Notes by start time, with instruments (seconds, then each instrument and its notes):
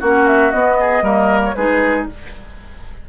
0.00 bassoon A#3, clarinet C#4, oboe F#4, flute F#5
0.28 flute E5
0.51 clarinet B3, bassoon B3, flute D#5
0.80 oboe G#4
1.02 bassoon G3, clarinet A#3, oboe A#4
1.45 flute C#5
1.55 bassoon G#3, clarinet D#4, oboe G#4, flute B4